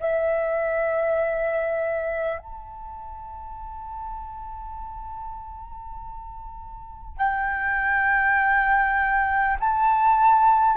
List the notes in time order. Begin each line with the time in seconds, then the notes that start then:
0.00 E5
2.38 A5
7.17 G5
9.60 A5